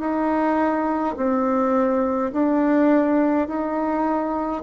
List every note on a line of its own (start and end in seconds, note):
0.00 1.15 D#4
1.16 2.32 C4
2.33 3.48 D4
3.48 4.63 D#4